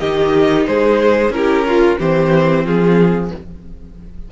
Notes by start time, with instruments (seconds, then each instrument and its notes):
0.00 cello D#3, viola D#4, violin G4 D#5
0.67 cello G#3, violin G#4 C5
1.30 cello C#4, viola E4, violin A#4
1.37 violin G4
1.66 viola F4, violin F4
1.99 cello E3, viola C4, violin G4 C5
2.65 cello F3, violin F4 G#4